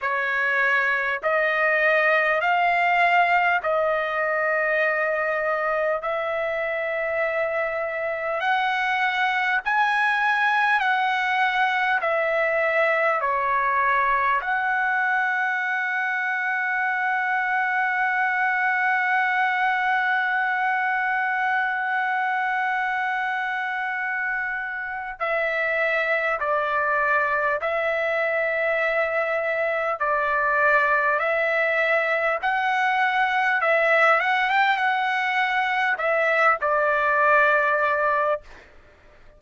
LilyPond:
\new Staff \with { instrumentName = "trumpet" } { \time 4/4 \tempo 4 = 50 cis''4 dis''4 f''4 dis''4~ | dis''4 e''2 fis''4 | gis''4 fis''4 e''4 cis''4 | fis''1~ |
fis''1~ | fis''4 e''4 d''4 e''4~ | e''4 d''4 e''4 fis''4 | e''8 fis''16 g''16 fis''4 e''8 d''4. | }